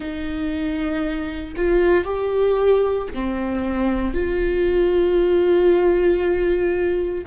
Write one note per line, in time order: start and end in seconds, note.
0.00 1.54 D#4
1.56 2.04 F4
2.04 3.08 G4
3.14 4.14 C4
4.14 7.24 F4